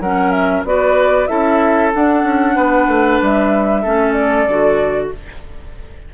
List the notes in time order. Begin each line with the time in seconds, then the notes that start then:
0.00 F#3 C#4 A#4 F#5
0.31 E5
0.64 B3 F#4 B4 D5
1.27 C#4 E4 A4 E5
1.94 D4 F#5
2.24 C#4
2.56 B3 B4
2.88 A3
3.22 G3 E5
3.82 A3 C#4 A4
4.13 D5
4.47 D3 F#4